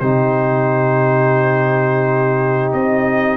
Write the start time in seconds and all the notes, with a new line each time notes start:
0.00 C3 D#4 G4 C5
2.73 C4 D#5